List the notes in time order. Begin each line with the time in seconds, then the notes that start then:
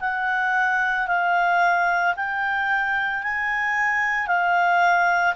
0.00 F#5
1.07 F5
2.16 G5
3.23 G#5
4.27 F5